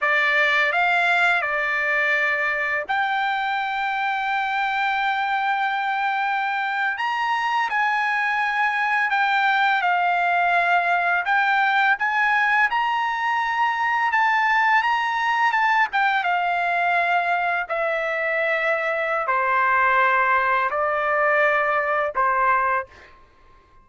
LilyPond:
\new Staff \with { instrumentName = "trumpet" } { \time 4/4 \tempo 4 = 84 d''4 f''4 d''2 | g''1~ | g''4.~ g''16 ais''4 gis''4~ gis''16~ | gis''8. g''4 f''2 g''16~ |
g''8. gis''4 ais''2 a''16~ | a''8. ais''4 a''8 g''8 f''4~ f''16~ | f''8. e''2~ e''16 c''4~ | c''4 d''2 c''4 | }